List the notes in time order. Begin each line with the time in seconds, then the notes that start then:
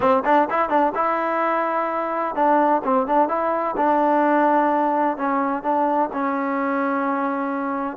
0.00 C4
0.25 D4
0.49 E4
0.69 D4
0.95 E4
2.35 D4
2.84 C4
3.07 D4
3.28 E4
3.76 D4
5.17 C#4
5.62 D4
6.12 C#4